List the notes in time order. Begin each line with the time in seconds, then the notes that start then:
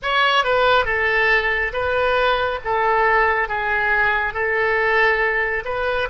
0.02 C#5
0.43 B4
0.85 A4
1.72 B4
2.64 A4
3.48 G#4
4.33 A4
5.64 B4